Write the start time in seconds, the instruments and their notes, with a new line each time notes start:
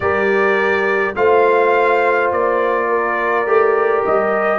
0.00 tuba G3, trombone G4, horn A#4, trumpet D5
1.15 tuba A3, trombone F4, horn C5, trumpet F5
2.31 tuba A#3, trumpet D5
2.89 horn A#4
3.46 tuba A3, trombone G4
4.05 tuba G3, trumpet D#5